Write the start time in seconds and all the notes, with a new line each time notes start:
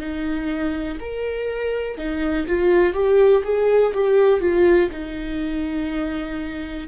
0.00 D#4
1.00 A#4
1.98 D#4
2.48 F4
2.94 G4
3.44 G#4
3.94 G4
4.40 F4
4.92 D#4